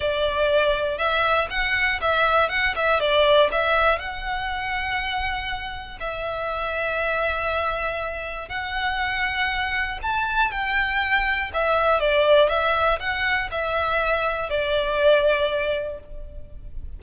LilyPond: \new Staff \with { instrumentName = "violin" } { \time 4/4 \tempo 4 = 120 d''2 e''4 fis''4 | e''4 fis''8 e''8 d''4 e''4 | fis''1 | e''1~ |
e''4 fis''2. | a''4 g''2 e''4 | d''4 e''4 fis''4 e''4~ | e''4 d''2. | }